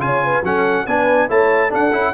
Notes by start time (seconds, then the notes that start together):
0.00 C#3 F4 C#5 G#5
0.24 B4
0.43 F#3 C#4 A4 F#5
0.85 B3 D4 B4 G#5
1.28 A3 E4 C#5 A5
1.70 D4 A4 F#5
1.92 C#4 E4